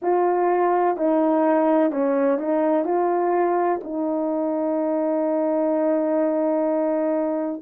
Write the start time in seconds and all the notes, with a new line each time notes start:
0.02 F4
0.97 D#4
1.90 C#4
2.38 D#4
2.84 F4
3.83 D#4